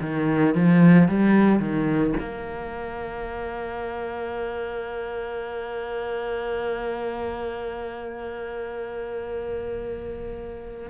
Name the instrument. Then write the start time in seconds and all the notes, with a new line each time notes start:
cello
0.00 D#3
0.55 F3
1.08 G3
1.59 D#3
2.19 A#3